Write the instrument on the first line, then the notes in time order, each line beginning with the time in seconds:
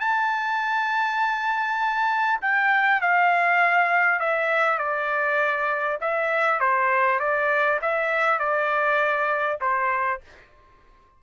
trumpet
0.00 A5
2.41 G5
3.01 F5
4.19 E5
4.78 D5
6.01 E5
6.60 C5
7.20 D5
7.81 E5
8.39 D5
9.61 C5